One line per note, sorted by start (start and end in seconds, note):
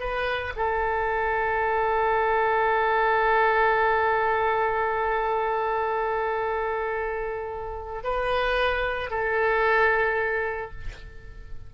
0.00 0.54 B4
0.56 8.03 A4
8.03 9.10 B4
9.10 10.71 A4